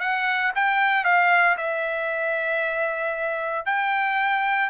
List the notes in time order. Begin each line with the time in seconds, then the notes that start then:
0.00 F#5
0.55 G5
1.04 F5
1.57 E5
3.66 G5